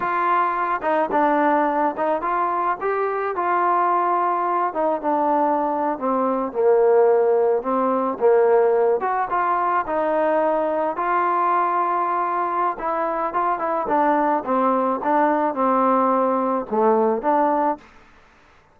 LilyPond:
\new Staff \with { instrumentName = "trombone" } { \time 4/4 \tempo 4 = 108 f'4. dis'8 d'4. dis'8 | f'4 g'4 f'2~ | f'8 dis'8 d'4.~ d'16 c'4 ais16~ | ais4.~ ais16 c'4 ais4~ ais16~ |
ais16 fis'8 f'4 dis'2 f'16~ | f'2. e'4 | f'8 e'8 d'4 c'4 d'4 | c'2 a4 d'4 | }